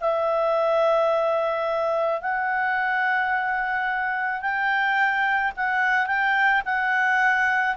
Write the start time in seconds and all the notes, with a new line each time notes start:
0.00 E5
2.21 F#5
4.41 G5
5.56 F#5
6.06 G5
6.65 F#5